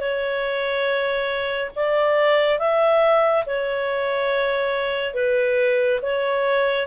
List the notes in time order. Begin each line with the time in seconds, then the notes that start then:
0.00 C#5
1.76 D5
2.59 E5
3.46 C#5
5.14 B4
6.02 C#5